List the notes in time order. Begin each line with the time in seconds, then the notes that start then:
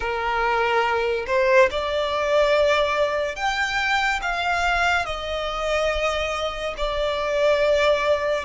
0.00 A#4
1.26 C5
1.71 D5
3.35 G5
4.21 F5
5.05 D#5
6.77 D5